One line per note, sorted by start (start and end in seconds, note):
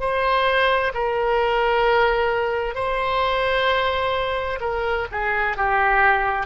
0.00 0.92 C5
0.94 2.75 A#4
2.75 4.59 C5
4.60 5.06 A#4
5.11 5.57 G#4
5.57 6.46 G4